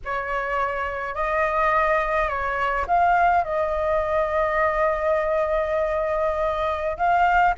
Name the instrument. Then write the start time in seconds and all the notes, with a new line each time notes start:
flute
0.04 C#5
1.14 D#5
2.28 C#5
2.87 F5
3.44 D#5
6.97 F5